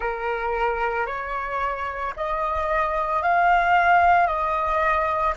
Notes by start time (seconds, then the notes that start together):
0.00 A#4
1.06 C#5
2.16 D#5
3.22 F5
4.26 D#5